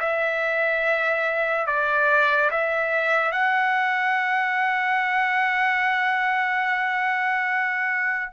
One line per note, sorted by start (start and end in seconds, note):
0.00 1.67 E5
1.67 2.50 D5
2.51 3.32 E5
3.32 8.32 F#5